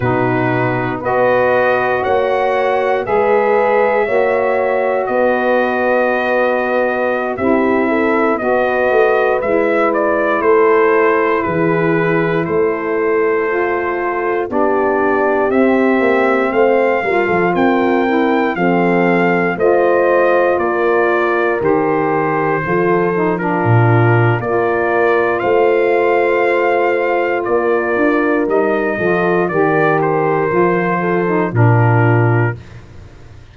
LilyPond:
<<
  \new Staff \with { instrumentName = "trumpet" } { \time 4/4 \tempo 4 = 59 b'4 dis''4 fis''4 e''4~ | e''4 dis''2~ dis''16 e''8.~ | e''16 dis''4 e''8 d''8 c''4 b'8.~ | b'16 c''2 d''4 e''8.~ |
e''16 f''4 g''4 f''4 dis''8.~ | dis''16 d''4 c''4.~ c''16 ais'4 | d''4 f''2 d''4 | dis''4 d''8 c''4. ais'4 | }
  \new Staff \with { instrumentName = "horn" } { \time 4/4 fis'4 b'4 cis''4 b'4 | cis''4 b'2~ b'16 g'8 a'16~ | a'16 b'2 a'4 gis'8.~ | gis'16 a'2 g'4.~ g'16~ |
g'16 c''8 ais'16 a'16 ais'4 a'4 c''8.~ | c''16 ais'2 a'8. f'4 | ais'4 c''2 ais'4~ | ais'8 a'8 ais'4. a'8 f'4 | }
  \new Staff \with { instrumentName = "saxophone" } { \time 4/4 dis'4 fis'2 gis'4 | fis'2.~ fis'16 e'8.~ | e'16 fis'4 e'2~ e'8.~ | e'4~ e'16 f'4 d'4 c'8.~ |
c'8. f'4 e'8 c'4 f'8.~ | f'4~ f'16 g'4 f'8 dis'16 d'4 | f'1 | dis'8 f'8 g'4 f'8. dis'16 d'4 | }
  \new Staff \with { instrumentName = "tuba" } { \time 4/4 b,4 b4 ais4 gis4 | ais4 b2~ b16 c'8.~ | c'16 b8 a8 gis4 a4 e8.~ | e16 a2 b4 c'8 ais16~ |
ais16 a8 g16 f16 c'4 f4 a8.~ | a16 ais4 dis4 f4 ais,8. | ais4 a2 ais8 d'8 | g8 f8 dis4 f4 ais,4 | }
>>